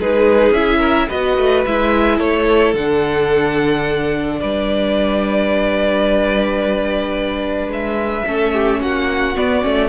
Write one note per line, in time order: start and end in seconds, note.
0.00 0.51 G#3
0.00 0.55 D#4
0.00 0.80 G#4
0.00 0.54 B4
0.51 1.07 C#4
0.51 1.10 E4
0.51 1.09 E5
0.80 1.07 A#4
1.09 1.38 B3
1.09 1.66 F#4
1.09 2.18 B4
1.09 1.65 D#5
1.38 1.65 A3
1.66 2.21 G#3
1.66 2.77 E4
1.66 2.20 E5
2.18 2.74 A3
2.18 4.38 A4
2.18 2.75 C#5
2.74 4.40 D3
2.74 8.27 D4
2.74 4.41 F#5
4.41 7.68 G3
4.41 8.26 B4
4.41 7.71 D5
7.68 8.23 G#3
7.68 8.82 E5
8.26 8.82 A3
8.26 9.36 C#4
8.26 8.53 A4
8.53 8.81 G4
8.81 9.37 A#3
8.81 9.89 F#4
8.81 9.37 F#5
9.36 9.62 B3
9.36 9.66 B3
9.36 9.89 D5
9.62 9.89 A3
9.62 9.89 C#4